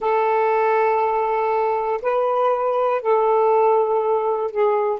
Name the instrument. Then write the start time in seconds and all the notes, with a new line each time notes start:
saxophone
0.00 A4
2.01 B4
3.01 A4
4.51 G#4